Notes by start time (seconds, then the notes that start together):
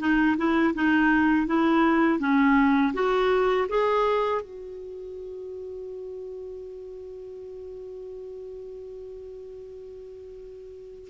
0.00 D#4
0.37 E4
0.75 D#4
1.47 E4
2.20 C#4
2.94 F#4
3.69 G#4
4.42 F#4